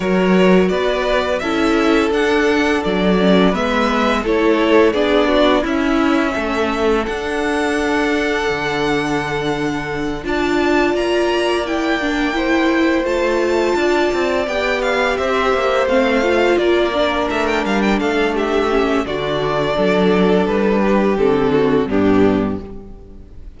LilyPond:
<<
  \new Staff \with { instrumentName = "violin" } { \time 4/4 \tempo 4 = 85 cis''4 d''4 e''4 fis''4 | d''4 e''4 cis''4 d''4 | e''2 fis''2~ | fis''2~ fis''8 a''4 ais''8~ |
ais''8 g''2 a''4.~ | a''8 g''8 f''8 e''4 f''4 d''8~ | d''8 e''16 g''16 f''16 g''16 f''8 e''4 d''4~ | d''4 b'4 a'4 g'4 | }
  \new Staff \with { instrumentName = "violin" } { \time 4/4 ais'4 b'4 a'2~ | a'4 b'4 a'4 gis'8 fis'8 | e'4 a'2.~ | a'2~ a'8 d''4.~ |
d''4. c''2 d''8~ | d''4. c''2 ais'8~ | ais'4. a'8 g'4 fis'4 | a'4. g'4 fis'8 d'4 | }
  \new Staff \with { instrumentName = "viola" } { \time 4/4 fis'2 e'4 d'4~ | d'8 cis'8 b4 e'4 d'4 | cis'2 d'2~ | d'2~ d'8 f'4.~ |
f'8 e'8 d'8 e'4 f'4.~ | f'8 g'2 c'8 f'4 | d'2~ d'8 cis'8 d'4~ | d'2 c'4 b4 | }
  \new Staff \with { instrumentName = "cello" } { \time 4/4 fis4 b4 cis'4 d'4 | fis4 gis4 a4 b4 | cis'4 a4 d'2 | d2~ d8 d'4 ais8~ |
ais2~ ais8 a4 d'8 | c'8 b4 c'8 ais8 a4 ais8~ | ais8 a8 g8 a4. d4 | fis4 g4 d4 g,4 | }
>>